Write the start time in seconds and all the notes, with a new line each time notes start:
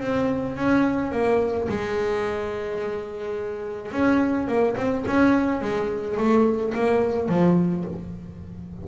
0.00 C4
0.56 C#4
1.12 A#3
1.69 G#3
3.92 C#4
4.48 A#3
4.77 C4
5.07 C#4
5.61 G#3
6.18 A3
6.75 A#3
7.28 F3